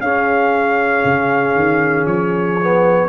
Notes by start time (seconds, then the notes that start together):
0.00 C#4 G#4 F5
1.04 C#3
1.55 D#3
2.05 F3 C#5
2.61 B3